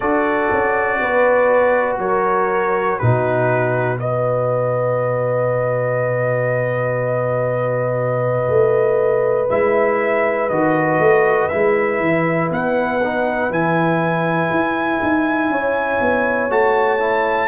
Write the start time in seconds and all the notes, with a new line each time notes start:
0.00 D4 F#4 A4 D5
0.52 C#4
0.99 B3 B4
1.98 F#3 A#4 C#5
2.99 B2 D#4 F#4 B4
3.96 F#4 B4 D#5
8.48 A3
9.49 G#3 E4 E5
10.49 D#3 F#4 D#5
10.99 A3
11.48 G#3 E4 E5
12.00 E3
12.50 B3 F#5
13.03 D#4
13.50 E3 E4 G#5
14.50 E4
15.02 D#4
15.49 C#4 C#5
16.00 B3
16.50 A3 F#4 A5
16.99 E4